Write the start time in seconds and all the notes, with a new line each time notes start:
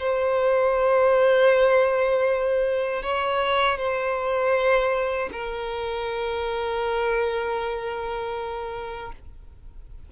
0.00 C5
3.03 C#5
3.78 C5
5.33 A#4